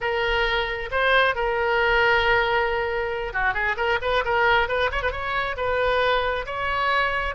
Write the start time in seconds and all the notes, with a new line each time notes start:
0.00 A#4
0.91 C5
1.35 A#4
3.33 F#4
3.53 G#4
3.76 A#4
4.01 B4
4.24 A#4
4.68 B4
4.91 C#5
5.02 B4
5.11 C#5
5.56 B4
6.45 C#5